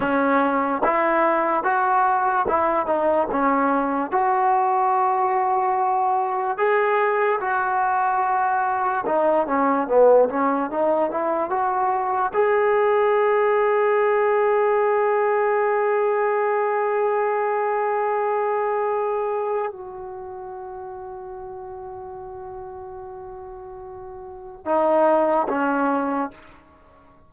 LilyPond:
\new Staff \with { instrumentName = "trombone" } { \time 4/4 \tempo 4 = 73 cis'4 e'4 fis'4 e'8 dis'8 | cis'4 fis'2. | gis'4 fis'2 dis'8 cis'8 | b8 cis'8 dis'8 e'8 fis'4 gis'4~ |
gis'1~ | gis'1 | fis'1~ | fis'2 dis'4 cis'4 | }